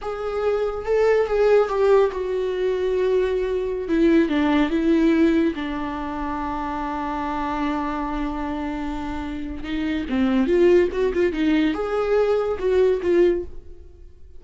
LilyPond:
\new Staff \with { instrumentName = "viola" } { \time 4/4 \tempo 4 = 143 gis'2 a'4 gis'4 | g'4 fis'2.~ | fis'4~ fis'16 e'4 d'4 e'8.~ | e'4~ e'16 d'2~ d'8.~ |
d'1~ | d'2. dis'4 | c'4 f'4 fis'8 f'8 dis'4 | gis'2 fis'4 f'4 | }